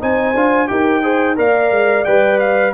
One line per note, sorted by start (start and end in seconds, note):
0.00 0.35 C4
0.00 0.34 D#4
0.00 0.69 C5
0.00 0.68 G#5
0.35 0.69 D4
0.35 0.68 F4
0.68 1.38 D#4
0.68 1.02 G4
0.68 1.02 A#4
0.68 1.36 G5
1.02 1.36 G#4
1.02 1.36 C5
1.36 1.71 A#3
1.36 2.05 A#4
1.36 2.74 D5
1.36 2.05 F5
1.71 2.05 G#3
2.05 2.74 G3
2.05 2.74 B4
2.05 2.39 G5
2.39 2.73 F5